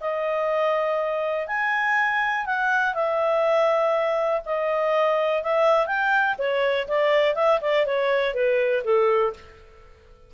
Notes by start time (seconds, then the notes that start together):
0.00 D#5
1.48 G#5
2.46 F#5
2.94 E5
4.45 D#5
5.43 E5
5.86 G5
6.38 C#5
6.88 D5
7.35 E5
7.61 D5
7.86 C#5
8.34 B4
8.84 A4